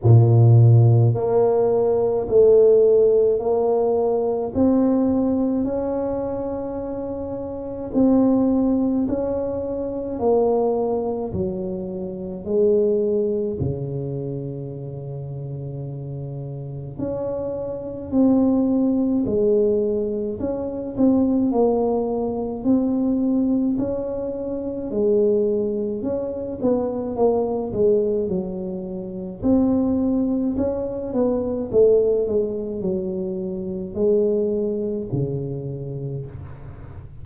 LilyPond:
\new Staff \with { instrumentName = "tuba" } { \time 4/4 \tempo 4 = 53 ais,4 ais4 a4 ais4 | c'4 cis'2 c'4 | cis'4 ais4 fis4 gis4 | cis2. cis'4 |
c'4 gis4 cis'8 c'8 ais4 | c'4 cis'4 gis4 cis'8 b8 | ais8 gis8 fis4 c'4 cis'8 b8 | a8 gis8 fis4 gis4 cis4 | }